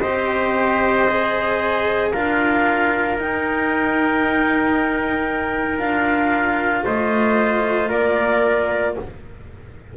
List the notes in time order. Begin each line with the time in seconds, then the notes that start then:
0.00 C4 G4 C5 D#5
1.09 G#4
2.12 D4 F4 A#4 F5
3.18 D#4 G5
5.79 D4 F4 F5
6.85 A3 C5 D#5
7.89 A#3 A#4 D5